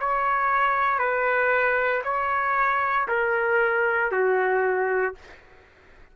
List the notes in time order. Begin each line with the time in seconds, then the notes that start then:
0.00 C#5
0.99 B4
2.04 C#5
3.08 A#4
4.11 F#4